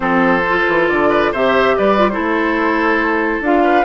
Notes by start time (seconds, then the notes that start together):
0.00 F3 C4 A4 C5
0.48 F4
0.67 E3
0.88 D3 D5
1.09 B4
1.32 C3 G4 C5 E5
1.77 G3 B4 D5
1.98 F4
2.09 E4 A4 C5
2.18 A3
3.40 D4 F4 F5
3.63 B4